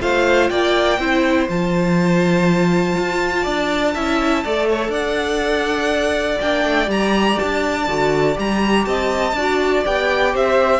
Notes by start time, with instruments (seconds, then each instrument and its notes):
0.00 cello A3, viola F4, violin C5 F5
0.49 cello A#3, violin D5 G5
0.98 cello C4, viola E4, violin C5
1.48 cello F3, viola F4, violin A5
2.98 cello F4
3.42 cello D4, violin D5
3.94 cello C#4, viola E4, violin E5
4.44 cello A3, viola A4, violin D5
4.69 violin C#5
4.89 cello D4, violin D5 F#5
6.40 cello A#3, viola D4, violin G5
6.64 cello A3
6.85 cello G3, viola G4, violin A#5
7.39 cello D4, violin A5
7.87 cello D3, viola F#4
8.34 cello G3, viola G4, violin A#5
8.85 cello C4, violin D#5 A5
9.33 cello D4, viola F#4, violin D5
9.85 cello B3, viola G4, violin G5
10.33 cello C4, violin C5 E5